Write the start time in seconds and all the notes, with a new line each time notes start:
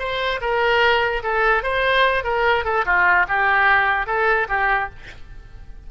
0.00 C5
0.41 A#4
1.24 A4
1.63 C5
2.24 A#4
2.65 A4
2.86 F4
3.29 G4
4.07 A4
4.49 G4